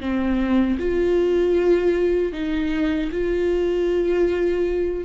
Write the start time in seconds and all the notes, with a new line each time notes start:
0.00 C4
0.79 F4
2.33 D#4
3.12 F4